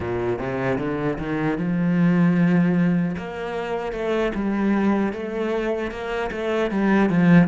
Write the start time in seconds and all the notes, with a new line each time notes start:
0.00 A#2
0.38 C3
0.78 D3
1.18 D#3
1.58 F3
3.17 A#3
3.92 A3
4.34 G3
5.12 A3
5.91 A#3
6.31 A3
6.71 G3
7.09 F3